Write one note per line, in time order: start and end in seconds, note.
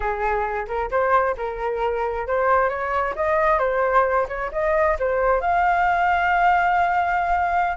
0.00 0.66 G#4
0.67 0.90 A#4
0.90 1.35 C5
1.37 2.27 A#4
2.27 2.69 C5
2.69 3.14 C#5
3.15 3.59 D#5
3.59 4.26 C5
4.28 4.51 C#5
4.52 4.97 D#5
4.99 5.40 C5
5.40 7.77 F5